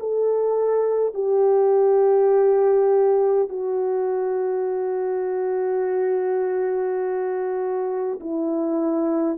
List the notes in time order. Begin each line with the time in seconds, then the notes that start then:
0.00 A4
1.14 G4
3.49 F#4
8.20 E4